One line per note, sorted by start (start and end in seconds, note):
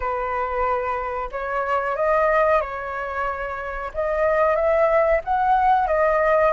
0.00 1.29 B4
1.31 1.96 C#5
1.96 2.61 D#5
2.61 3.91 C#5
3.93 4.55 D#5
4.55 5.20 E5
5.24 5.87 F#5
5.87 6.52 D#5